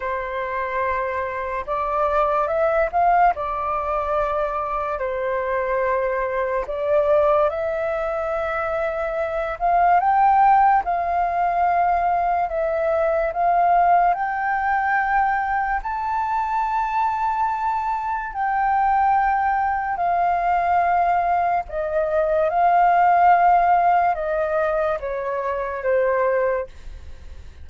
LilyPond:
\new Staff \with { instrumentName = "flute" } { \time 4/4 \tempo 4 = 72 c''2 d''4 e''8 f''8 | d''2 c''2 | d''4 e''2~ e''8 f''8 | g''4 f''2 e''4 |
f''4 g''2 a''4~ | a''2 g''2 | f''2 dis''4 f''4~ | f''4 dis''4 cis''4 c''4 | }